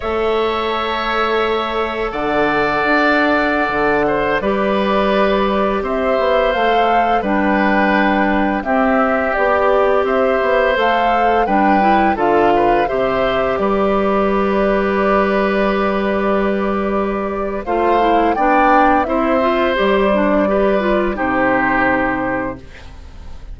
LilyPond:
<<
  \new Staff \with { instrumentName = "flute" } { \time 4/4 \tempo 4 = 85 e''2. fis''4~ | fis''2~ fis''16 d''4.~ d''16~ | d''16 e''4 f''4 g''4.~ g''16~ | g''16 e''4 d''4 e''4 f''8.~ |
f''16 g''4 f''4 e''4 d''8.~ | d''1~ | d''4 f''4 g''4 e''4 | d''2 c''2 | }
  \new Staff \with { instrumentName = "oboe" } { \time 4/4 cis''2. d''4~ | d''4.~ d''16 c''8 b'4.~ b'16~ | b'16 c''2 b'4.~ b'16~ | b'16 g'2 c''4.~ c''16~ |
c''16 b'4 a'8 b'8 c''4 b'8.~ | b'1~ | b'4 c''4 d''4 c''4~ | c''4 b'4 g'2 | }
  \new Staff \with { instrumentName = "clarinet" } { \time 4/4 a'1~ | a'2~ a'16 g'4.~ g'16~ | g'4~ g'16 a'4 d'4.~ d'16~ | d'16 c'4 g'2 a'8.~ |
a'16 d'8 e'8 f'4 g'4.~ g'16~ | g'1~ | g'4 f'8 e'8 d'4 e'8 f'8 | g'8 d'8 g'8 f'8 dis'2 | }
  \new Staff \with { instrumentName = "bassoon" } { \time 4/4 a2. d4 | d'4~ d'16 d4 g4.~ g16~ | g16 c'8 b8 a4 g4.~ g16~ | g16 c'4 b4 c'8 b8 a8.~ |
a16 g4 d4 c4 g8.~ | g1~ | g4 a4 b4 c'4 | g2 c2 | }
>>